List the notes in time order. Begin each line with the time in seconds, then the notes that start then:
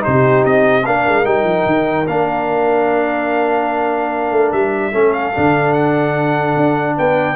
0.00 D#4 G4 C5
0.07 C3
0.44 C4 D#5
0.86 A#3 D4 A#4 F5
1.07 G#3
1.24 G3 D#4 G5
1.44 F3
1.66 D#3
2.07 A#3 D4 F5
4.31 A3
4.52 G3 E5
4.91 A3 C#4 A4
5.12 F5
5.33 D3 D4
5.73 F#5
6.56 D4
6.97 B3 B4 G5